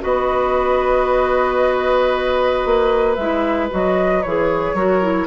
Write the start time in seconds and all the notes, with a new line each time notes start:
0.00 B3 F#4 B4 D#5
2.65 A#3
3.15 G#3 E4 E5
3.70 F#3 F#4 D#5
4.22 E3 G#4 C#5
4.73 F#3 F#4 A#4
5.02 E4